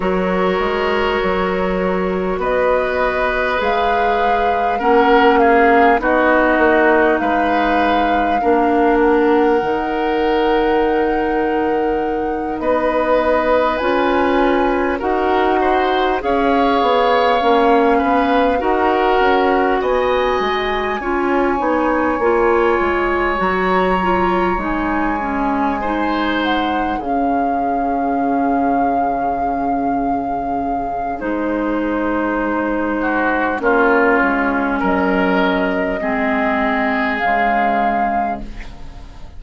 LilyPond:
<<
  \new Staff \with { instrumentName = "flute" } { \time 4/4 \tempo 4 = 50 cis''2 dis''4 f''4 | fis''8 f''8 dis''4 f''4. fis''8~ | fis''2~ fis''8 dis''4 gis''8~ | gis''8 fis''4 f''2 fis''8~ |
fis''8 gis''2. ais''8~ | ais''8 gis''4. fis''8 f''4.~ | f''2 c''2 | cis''4 dis''2 f''4 | }
  \new Staff \with { instrumentName = "oboe" } { \time 4/4 ais'2 b'2 | ais'8 gis'8 fis'4 b'4 ais'4~ | ais'2~ ais'8 b'4.~ | b'8 ais'8 c''8 cis''4. b'8 ais'8~ |
ais'8 dis''4 cis''2~ cis''8~ | cis''4. c''4 gis'4.~ | gis'2.~ gis'8 fis'8 | f'4 ais'4 gis'2 | }
  \new Staff \with { instrumentName = "clarinet" } { \time 4/4 fis'2. gis'4 | cis'4 dis'2 d'4 | dis'2.~ dis'8 f'8~ | f'8 fis'4 gis'4 cis'4 fis'8~ |
fis'4. f'8 dis'8 f'4 fis'8 | f'8 dis'8 cis'8 dis'4 cis'4.~ | cis'2 dis'2 | cis'2 c'4 gis4 | }
  \new Staff \with { instrumentName = "bassoon" } { \time 4/4 fis8 gis8 fis4 b4 gis4 | ais4 b8 ais8 gis4 ais4 | dis2~ dis8 b4 cis'8~ | cis'8 dis'4 cis'8 b8 ais8 b8 dis'8 |
cis'8 b8 gis8 cis'8 b8 ais8 gis8 fis8~ | fis8 gis2 cis4.~ | cis2 gis2 | ais8 gis8 fis4 gis4 cis4 | }
>>